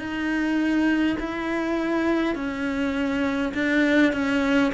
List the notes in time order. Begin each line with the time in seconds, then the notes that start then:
0.00 D#4
1.20 E4
2.36 C#4
3.55 D4
4.13 C#4